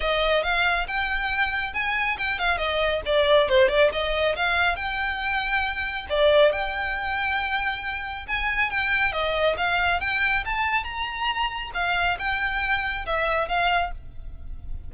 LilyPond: \new Staff \with { instrumentName = "violin" } { \time 4/4 \tempo 4 = 138 dis''4 f''4 g''2 | gis''4 g''8 f''8 dis''4 d''4 | c''8 d''8 dis''4 f''4 g''4~ | g''2 d''4 g''4~ |
g''2. gis''4 | g''4 dis''4 f''4 g''4 | a''4 ais''2 f''4 | g''2 e''4 f''4 | }